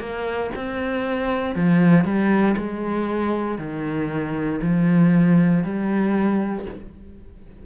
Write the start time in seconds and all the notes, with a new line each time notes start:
0.00 A#3
0.56 C4
1.55 F3
2.05 G3
2.57 G#3
3.59 D#3
4.62 F3
5.64 G3